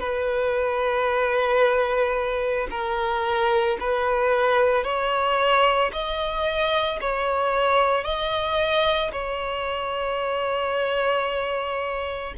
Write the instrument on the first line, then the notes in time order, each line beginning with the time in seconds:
violin
0.00 B4
2.71 A#4
3.80 B4
4.84 C#5
5.93 D#5
7.01 C#5
8.04 D#5
9.12 C#5